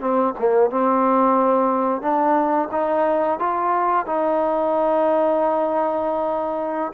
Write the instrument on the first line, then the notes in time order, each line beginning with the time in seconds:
trombone
0.00 C4
0.38 A#3
0.70 C4
2.01 D4
2.71 D#4
3.39 F4
4.05 D#4